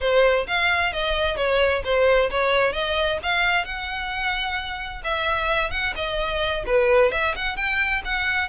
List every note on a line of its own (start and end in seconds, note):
0.00 0.46 C5
0.47 0.92 F5
0.92 1.36 D#5
1.36 1.82 C#5
1.84 2.30 C5
2.30 2.72 C#5
2.72 3.18 D#5
3.22 3.64 F5
3.64 5.02 F#5
5.04 5.70 E5
5.70 5.93 F#5
5.95 6.64 D#5
6.66 7.11 B4
7.11 7.34 E5
7.35 7.56 F#5
7.56 8.02 G5
8.04 8.49 F#5